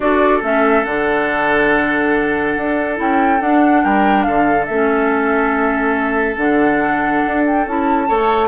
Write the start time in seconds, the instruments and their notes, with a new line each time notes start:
0.00 bassoon D4, clarinet F#4, oboe A4, flute D5
0.42 bassoon A3, clarinet C#4, flute E5
0.84 bassoon D3, clarinet D4, flute F#5
2.56 bassoon D4
2.95 bassoon C#4, clarinet E4, flute G5
3.40 bassoon D4, clarinet D4, flute F#5
3.83 bassoon G3, oboe A#4, flute G5
4.22 bassoon D3, oboe A4, flute F5
4.65 bassoon A3, clarinet C#4, flute E5
6.37 bassoon D3, clarinet D4, flute F#5
7.26 bassoon D4
7.46 flute G5
7.66 bassoon C#4, clarinet E4, flute A5
8.07 bassoon A3, clarinet A4, oboe C#5